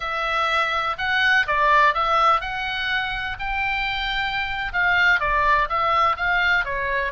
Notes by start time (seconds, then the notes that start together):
0.00 E5
0.98 F#5
1.46 D5
1.94 E5
2.40 F#5
3.39 G5
4.72 F5
5.20 D5
5.69 E5
6.16 F5
6.64 C#5